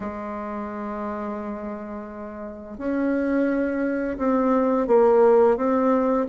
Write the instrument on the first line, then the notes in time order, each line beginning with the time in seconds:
bassoon
0.00 G#3
2.78 C#4
4.18 C4
4.87 A#3
5.56 C4